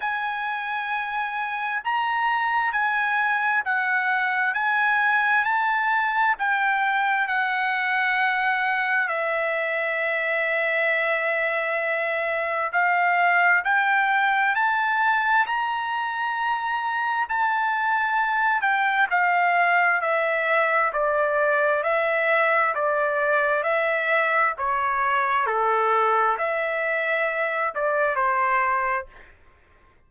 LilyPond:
\new Staff \with { instrumentName = "trumpet" } { \time 4/4 \tempo 4 = 66 gis''2 ais''4 gis''4 | fis''4 gis''4 a''4 g''4 | fis''2 e''2~ | e''2 f''4 g''4 |
a''4 ais''2 a''4~ | a''8 g''8 f''4 e''4 d''4 | e''4 d''4 e''4 cis''4 | a'4 e''4. d''8 c''4 | }